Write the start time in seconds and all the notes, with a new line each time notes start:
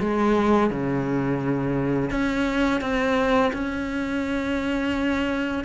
0.00 G#3
0.70 C#3
2.10 C#4
2.81 C4
3.53 C#4